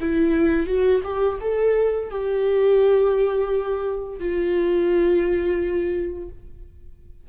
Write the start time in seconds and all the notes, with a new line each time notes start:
0.00 E4
0.66 F#4
1.03 G4
1.40 A4
2.10 G4
4.19 F4